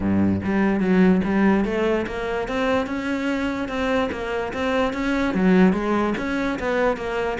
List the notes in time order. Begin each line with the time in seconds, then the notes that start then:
0.00 G2
0.44 G3
0.80 F#3
1.24 G3
1.64 A3
2.06 A#3
2.48 C4
2.86 C#4
3.68 C4
4.11 A#3
4.53 C4
4.93 C#4
5.34 F#3
5.73 G#3
6.17 C#4
6.59 B3
6.96 A#3